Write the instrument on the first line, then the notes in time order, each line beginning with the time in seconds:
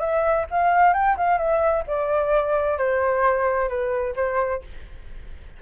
flute
0.00 E5
0.51 F5
0.94 G5
1.17 F5
1.38 E5
1.87 D5
2.78 C5
3.69 B4
4.16 C5